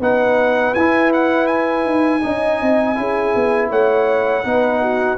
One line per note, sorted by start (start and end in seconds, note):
0.00 0.74 B3
0.00 0.76 D#4
0.00 2.23 B4
0.00 0.75 F#5
0.75 1.85 E4
0.75 2.21 E4
0.75 1.12 G#5
1.13 1.47 F#5
1.47 3.69 G#5
1.85 2.22 D#4
2.21 2.61 C#4
2.21 2.95 D#4
2.21 2.97 D#5
2.62 2.98 C4
2.95 3.35 C#4
2.95 4.43 E4
2.95 3.70 G#4
3.35 3.71 B3
3.70 4.45 A3
3.70 4.44 C#5
3.70 5.18 F#5
4.44 5.18 B3
4.44 5.18 D#4
4.44 4.82 B4
4.82 5.18 F#4